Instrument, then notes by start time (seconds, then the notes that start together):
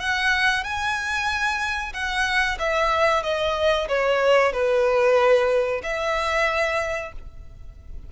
violin
0.00 F#5
0.64 G#5
1.94 F#5
2.59 E5
3.23 D#5
3.88 C#5
4.53 B4
5.83 E5